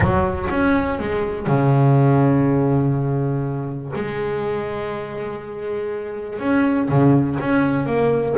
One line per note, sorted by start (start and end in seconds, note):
0.00 0.48 F#3
0.50 0.99 C#4
0.99 1.46 G#3
1.46 3.92 C#3
3.95 6.39 G#3
6.39 6.88 C#4
6.89 7.38 C#3
7.39 7.86 C#4
7.86 8.35 A#3